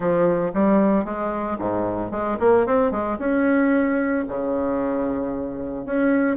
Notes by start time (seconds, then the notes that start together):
0.00 F3
0.54 G3
1.04 G#3
1.59 G#2
2.11 G#3
2.39 A#3
2.66 C4
2.91 G#3
3.18 C#4
4.28 C#3
5.86 C#4